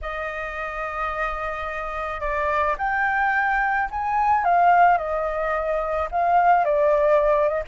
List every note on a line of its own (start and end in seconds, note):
0.01 2.20 D#5
2.20 2.76 D5
2.78 3.89 G5
3.90 4.44 G#5
4.44 4.97 F5
4.97 6.08 D#5
6.11 6.65 F5
6.65 7.48 D5
7.48 7.62 D#5